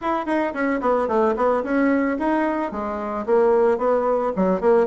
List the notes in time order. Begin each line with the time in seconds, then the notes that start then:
0.01 E4
0.26 D#4
0.53 C#4
0.81 B3
1.08 A3
1.36 B3
1.63 C#4
2.19 D#4
2.71 G#3
3.26 A#3
3.78 B3
4.36 F#3
4.60 A#3